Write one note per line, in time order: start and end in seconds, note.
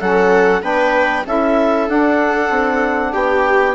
0.00 0.62 F#3
0.00 0.62 C#4
0.00 0.63 A4
0.00 0.63 F#5
0.62 1.25 B3
0.62 1.24 D4
0.62 1.25 B4
0.62 1.26 G5
1.26 1.89 C#4
1.26 1.88 E4
1.26 3.13 A4
1.26 1.89 E5
1.88 3.75 D4
1.88 2.50 D4
1.88 3.13 F#5
2.50 3.12 C4
3.13 3.75 B3
3.13 3.75 G4
3.13 3.75 G5